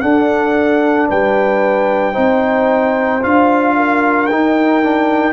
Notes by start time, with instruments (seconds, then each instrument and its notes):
0.00 tuba D4, trombone D4, horn A4, trumpet F#5
1.08 tuba G3, horn B4, trumpet G5
2.13 tuba C4, trombone D#4, horn C5
3.22 tuba D4, trombone F4, trumpet F5
3.76 horn A#4
4.26 tuba D#4, trombone D#4, trumpet G5
4.82 trombone D4